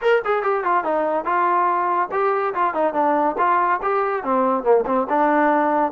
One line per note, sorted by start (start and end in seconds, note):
0.01 0.22 A#4
0.24 0.42 G#4
0.42 0.63 G4
0.64 0.84 F4
0.84 1.24 D#4
1.24 2.09 F4
2.11 2.54 G4
2.54 2.73 F4
2.73 2.93 D#4
2.93 3.36 D4
3.38 3.80 F4
3.82 4.23 G4
4.23 4.63 C4
4.63 4.84 A#3
4.86 5.07 C4
5.09 5.92 D4